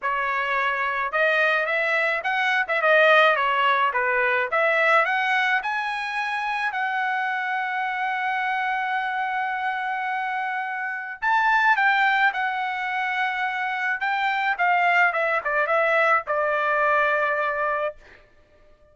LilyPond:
\new Staff \with { instrumentName = "trumpet" } { \time 4/4 \tempo 4 = 107 cis''2 dis''4 e''4 | fis''8. e''16 dis''4 cis''4 b'4 | e''4 fis''4 gis''2 | fis''1~ |
fis''1 | a''4 g''4 fis''2~ | fis''4 g''4 f''4 e''8 d''8 | e''4 d''2. | }